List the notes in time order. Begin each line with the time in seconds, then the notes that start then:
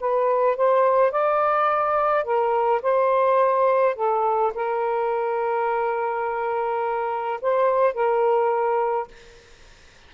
0.00 B4
0.56 C5
1.11 D5
2.24 A#4
2.82 C5
3.95 A4
4.54 A#4
7.41 C5
7.93 A#4